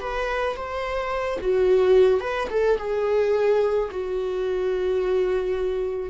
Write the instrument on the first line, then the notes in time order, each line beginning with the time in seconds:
viola
0.00 B4
0.56 C5
1.40 F#4
2.20 B4
2.50 A4
2.78 G#4
3.90 F#4